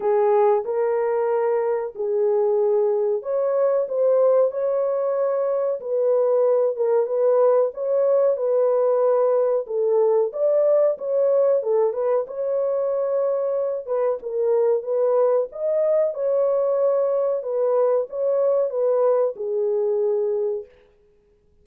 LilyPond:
\new Staff \with { instrumentName = "horn" } { \time 4/4 \tempo 4 = 93 gis'4 ais'2 gis'4~ | gis'4 cis''4 c''4 cis''4~ | cis''4 b'4. ais'8 b'4 | cis''4 b'2 a'4 |
d''4 cis''4 a'8 b'8 cis''4~ | cis''4. b'8 ais'4 b'4 | dis''4 cis''2 b'4 | cis''4 b'4 gis'2 | }